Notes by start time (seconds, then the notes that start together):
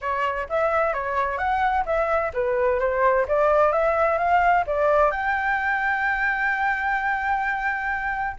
0.01 C#5
0.49 E5
0.93 C#5
1.37 F#5
1.85 E5
2.33 B4
2.79 C5
3.27 D5
3.72 E5
4.17 F5
4.66 D5
5.11 G5